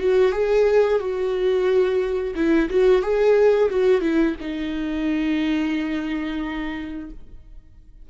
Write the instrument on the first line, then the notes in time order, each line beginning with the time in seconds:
viola
0.00 F#4
0.32 G#4
1.00 F#4
2.36 E4
2.70 F#4
3.02 G#4
3.70 F#4
4.02 E4
4.41 D#4